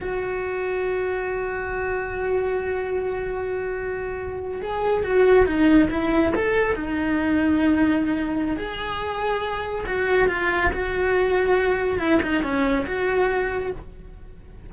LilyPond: \new Staff \with { instrumentName = "cello" } { \time 4/4 \tempo 4 = 140 fis'1~ | fis'1~ | fis'2~ fis'8. gis'4 fis'16~ | fis'8. dis'4 e'4 a'4 dis'16~ |
dis'1 | gis'2. fis'4 | f'4 fis'2. | e'8 dis'8 cis'4 fis'2 | }